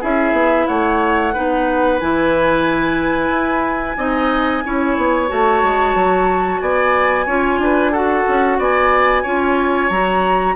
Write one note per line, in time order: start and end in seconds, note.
0.00 0.32 C#4
0.00 1.33 E4
0.00 0.66 G#4
0.00 0.66 E5
0.32 0.65 B3
0.66 1.35 A3
0.66 1.33 C#5
0.66 1.98 F#5
1.33 2.01 B3
1.33 2.00 D#4
1.33 3.97 B4
1.99 3.29 E3
1.99 3.97 E4
1.99 5.29 G#5
3.29 3.95 E4
3.97 4.63 C4
3.97 4.63 D#4
3.97 4.63 D#5
4.64 4.97 C#4
4.64 5.28 E4
4.64 6.61 C#5
4.97 5.30 B3
5.28 5.62 A3
5.28 7.26 F#4
5.28 6.61 A5
5.62 5.94 G#3
5.94 6.60 F#3
6.61 7.26 B3
6.61 7.26 D5
6.61 7.93 G#5
7.26 7.58 C#4
7.26 7.94 F4
7.26 7.59 C#5
7.58 8.24 D4
7.58 7.91 B4
7.91 9.24 F#4
7.91 8.57 A4
7.91 8.59 F#5
8.28 8.58 C#4
8.58 9.24 B3
8.58 9.22 D5
8.58 9.90 G#5
9.22 9.90 C#4
9.22 9.90 F4
9.22 10.54 C#5
9.90 10.55 F#3
9.90 10.55 F#4
9.90 10.55 A#5